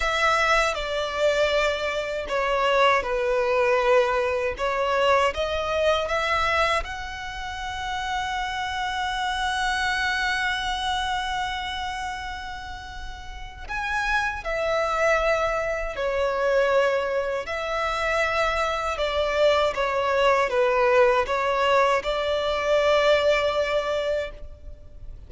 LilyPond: \new Staff \with { instrumentName = "violin" } { \time 4/4 \tempo 4 = 79 e''4 d''2 cis''4 | b'2 cis''4 dis''4 | e''4 fis''2.~ | fis''1~ |
fis''2 gis''4 e''4~ | e''4 cis''2 e''4~ | e''4 d''4 cis''4 b'4 | cis''4 d''2. | }